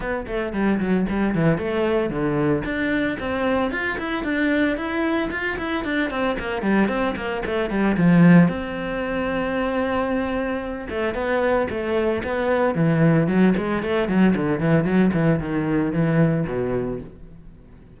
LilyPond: \new Staff \with { instrumentName = "cello" } { \time 4/4 \tempo 4 = 113 b8 a8 g8 fis8 g8 e8 a4 | d4 d'4 c'4 f'8 e'8 | d'4 e'4 f'8 e'8 d'8 c'8 | ais8 g8 c'8 ais8 a8 g8 f4 |
c'1~ | c'8 a8 b4 a4 b4 | e4 fis8 gis8 a8 fis8 d8 e8 | fis8 e8 dis4 e4 b,4 | }